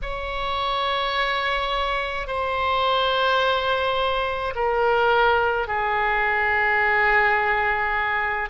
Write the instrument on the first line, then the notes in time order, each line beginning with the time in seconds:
oboe
0.02 C#5
2.27 C5
4.55 A#4
5.67 G#4